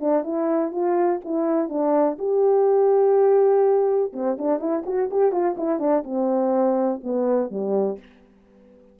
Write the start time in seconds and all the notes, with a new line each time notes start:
0.00 D4
0.24 E4
0.72 F4
1.25 E4
1.69 D4
2.19 G4
4.13 C4
4.38 D4
4.59 E4
4.86 F#4
5.11 G4
5.32 F4
5.57 E4
5.79 D4
6.04 C4
7.03 B3
7.51 G3